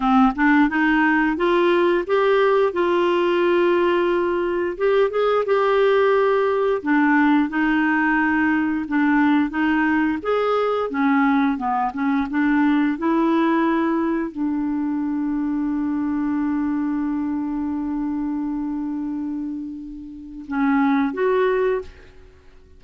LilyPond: \new Staff \with { instrumentName = "clarinet" } { \time 4/4 \tempo 4 = 88 c'8 d'8 dis'4 f'4 g'4 | f'2. g'8 gis'8 | g'2 d'4 dis'4~ | dis'4 d'4 dis'4 gis'4 |
cis'4 b8 cis'8 d'4 e'4~ | e'4 d'2.~ | d'1~ | d'2 cis'4 fis'4 | }